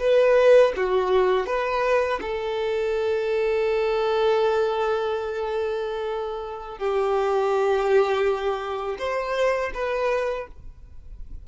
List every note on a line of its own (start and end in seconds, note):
0.00 0.73 B4
0.77 1.47 F#4
1.47 2.20 B4
2.22 6.78 A4
6.78 8.98 G4
8.99 9.72 C5
9.74 10.48 B4